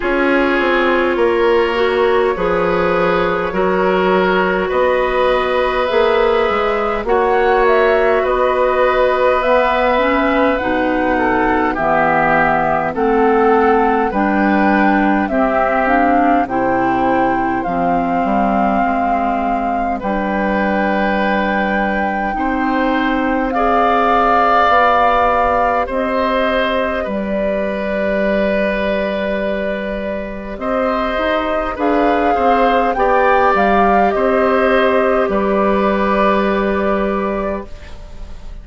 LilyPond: <<
  \new Staff \with { instrumentName = "flute" } { \time 4/4 \tempo 4 = 51 cis''1 | dis''4 e''4 fis''8 e''8 dis''4 | e''4 fis''4 e''4 fis''4 | g''4 e''8 f''8 g''4 f''4~ |
f''4 g''2. | f''2 dis''4 d''4~ | d''2 dis''4 f''4 | g''8 f''8 dis''4 d''2 | }
  \new Staff \with { instrumentName = "oboe" } { \time 4/4 gis'4 ais'4 b'4 ais'4 | b'2 cis''4 b'4~ | b'4. a'8 g'4 a'4 | b'4 g'4 c''2~ |
c''4 b'2 c''4 | d''2 c''4 b'4~ | b'2 c''4 b'8 c''8 | d''4 c''4 b'2 | }
  \new Staff \with { instrumentName = "clarinet" } { \time 4/4 f'4. fis'8 gis'4 fis'4~ | fis'4 gis'4 fis'2 | b8 cis'8 dis'4 b4 c'4 | d'4 c'8 d'8 e'4 c'4~ |
c'4 d'2 dis'4 | gis'4 g'2.~ | g'2. gis'4 | g'1 | }
  \new Staff \with { instrumentName = "bassoon" } { \time 4/4 cis'8 c'8 ais4 f4 fis4 | b4 ais8 gis8 ais4 b4~ | b4 b,4 e4 a4 | g4 c'4 c4 f8 g8 |
gis4 g2 c'4~ | c'4 b4 c'4 g4~ | g2 c'8 dis'8 d'8 c'8 | b8 g8 c'4 g2 | }
>>